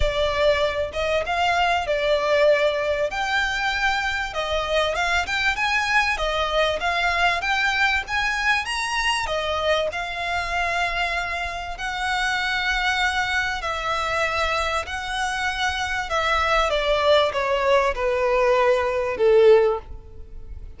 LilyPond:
\new Staff \with { instrumentName = "violin" } { \time 4/4 \tempo 4 = 97 d''4. dis''8 f''4 d''4~ | d''4 g''2 dis''4 | f''8 g''8 gis''4 dis''4 f''4 | g''4 gis''4 ais''4 dis''4 |
f''2. fis''4~ | fis''2 e''2 | fis''2 e''4 d''4 | cis''4 b'2 a'4 | }